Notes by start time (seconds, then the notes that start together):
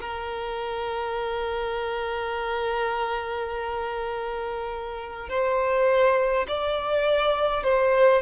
0.00 A#4
5.29 C5
6.48 D5
7.63 C5